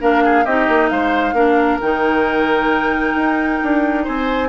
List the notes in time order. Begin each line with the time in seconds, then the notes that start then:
0.00 A#3 D4 A#4 F5
0.24 G#4
0.44 C4 D#4 G4 D#5
0.68 A#3
0.88 G#3 C5 F5
1.33 A#3 D4 A#4
1.81 D#3 D#4 G5
3.15 D#4
3.62 D4
4.04 C4 C5 G#5